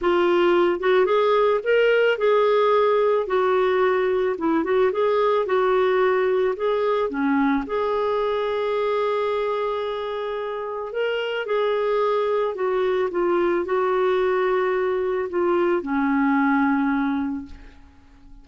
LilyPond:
\new Staff \with { instrumentName = "clarinet" } { \time 4/4 \tempo 4 = 110 f'4. fis'8 gis'4 ais'4 | gis'2 fis'2 | e'8 fis'8 gis'4 fis'2 | gis'4 cis'4 gis'2~ |
gis'1 | ais'4 gis'2 fis'4 | f'4 fis'2. | f'4 cis'2. | }